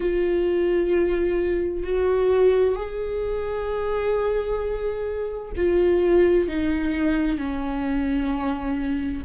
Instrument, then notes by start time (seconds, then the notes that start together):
viola
0.00 F4
1.83 F#4
2.75 G#4
5.56 F4
6.48 D#4
7.38 C#4